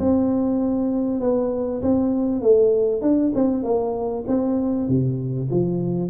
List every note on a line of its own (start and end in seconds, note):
0.00 1.21 C4
1.21 1.82 B3
1.82 2.42 C4
2.42 3.02 A3
3.02 3.33 D4
3.35 3.64 C4
3.64 4.25 A#3
4.28 4.89 C4
4.89 5.50 C3
5.51 6.10 F3